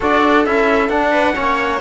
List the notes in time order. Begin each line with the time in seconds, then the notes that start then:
0.00 D4 F#4 A4 D5
0.45 C#4 E4 E5
0.89 D4 F#5
1.11 B4
1.34 A#3 C#4 C#5